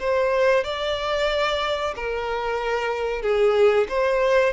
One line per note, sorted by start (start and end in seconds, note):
0.00 0.64 C5
0.64 1.95 D5
1.96 3.23 A#4
3.23 3.88 G#4
3.89 4.54 C5